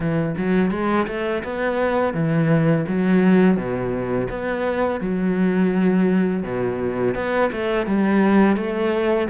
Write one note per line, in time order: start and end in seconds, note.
0.00 0.35 E3
0.37 0.70 F#3
0.70 1.06 G#3
1.07 1.43 A3
1.43 2.13 B3
2.13 2.85 E3
2.87 3.56 F#3
3.56 4.28 B2
4.29 5.00 B3
5.00 6.43 F#3
6.43 7.14 B2
7.14 7.50 B3
7.52 7.86 A3
7.86 8.56 G3
8.56 9.28 A3